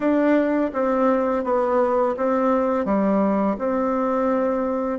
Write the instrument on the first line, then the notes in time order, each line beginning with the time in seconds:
bassoon
0.00 D4
0.73 C4
1.44 B3
2.16 C4
2.85 G3
3.58 C4